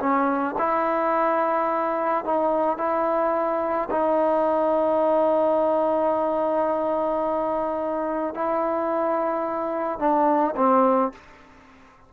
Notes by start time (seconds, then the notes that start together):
0.00 C#4
0.59 E4
2.25 D#4
2.78 E4
3.91 D#4
8.35 E4
9.99 D4
10.57 C4